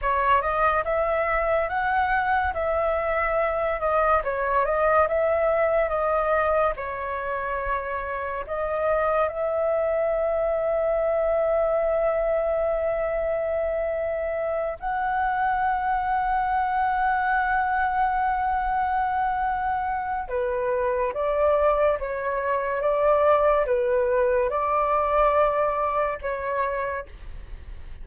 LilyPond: \new Staff \with { instrumentName = "flute" } { \time 4/4 \tempo 4 = 71 cis''8 dis''8 e''4 fis''4 e''4~ | e''8 dis''8 cis''8 dis''8 e''4 dis''4 | cis''2 dis''4 e''4~ | e''1~ |
e''4. fis''2~ fis''8~ | fis''1 | b'4 d''4 cis''4 d''4 | b'4 d''2 cis''4 | }